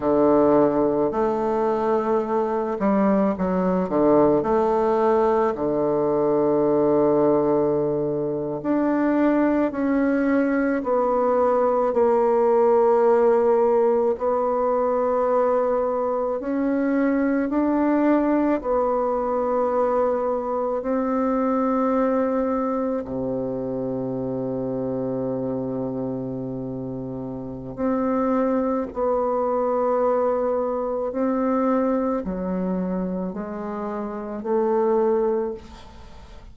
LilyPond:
\new Staff \with { instrumentName = "bassoon" } { \time 4/4 \tempo 4 = 54 d4 a4. g8 fis8 d8 | a4 d2~ d8. d'16~ | d'8. cis'4 b4 ais4~ ais16~ | ais8. b2 cis'4 d'16~ |
d'8. b2 c'4~ c'16~ | c'8. c2.~ c16~ | c4 c'4 b2 | c'4 fis4 gis4 a4 | }